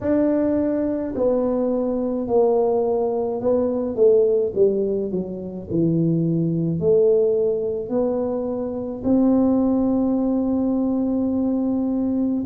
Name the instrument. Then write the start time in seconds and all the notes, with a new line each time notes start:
tuba
0.01 D4
1.15 B3
2.27 A#3
3.40 B3
3.95 A3
4.54 G3
5.11 F#3
5.70 E3
6.79 A3
7.89 B3
9.04 C4